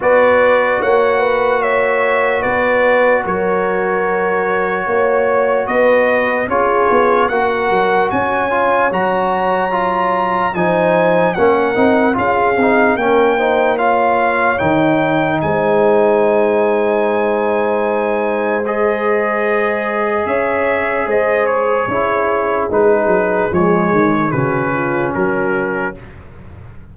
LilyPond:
<<
  \new Staff \with { instrumentName = "trumpet" } { \time 4/4 \tempo 4 = 74 d''4 fis''4 e''4 d''4 | cis''2. dis''4 | cis''4 fis''4 gis''4 ais''4~ | ais''4 gis''4 fis''4 f''4 |
g''4 f''4 g''4 gis''4~ | gis''2. dis''4~ | dis''4 e''4 dis''8 cis''4. | b'4 cis''4 b'4 ais'4 | }
  \new Staff \with { instrumentName = "horn" } { \time 4/4 b'4 cis''8 b'8 cis''4 b'4 | ais'2 cis''4 b'4 | gis'4 ais'4 cis''2~ | cis''4 c''4 ais'4 gis'4 |
ais'8 c''8 cis''2 c''4~ | c''1~ | c''4 cis''4 c''4 gis'4~ | gis'2 fis'8 f'8 fis'4 | }
  \new Staff \with { instrumentName = "trombone" } { \time 4/4 fis'1~ | fis'1 | f'4 fis'4. f'8 fis'4 | f'4 dis'4 cis'8 dis'8 f'8 dis'8 |
cis'8 dis'8 f'4 dis'2~ | dis'2. gis'4~ | gis'2. e'4 | dis'4 gis4 cis'2 | }
  \new Staff \with { instrumentName = "tuba" } { \time 4/4 b4 ais2 b4 | fis2 ais4 b4 | cis'8 b8 ais8 fis8 cis'4 fis4~ | fis4 f4 ais8 c'8 cis'8 c'8 |
ais2 dis4 gis4~ | gis1~ | gis4 cis'4 gis4 cis'4 | gis8 fis8 f8 dis8 cis4 fis4 | }
>>